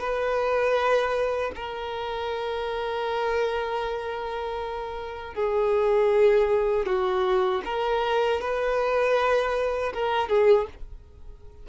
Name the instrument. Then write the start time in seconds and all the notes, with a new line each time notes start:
violin
0.00 B4
1.55 A#4
5.35 G#4
6.86 F#4
7.65 A#4
8.41 B4
9.94 A#4
10.29 G#4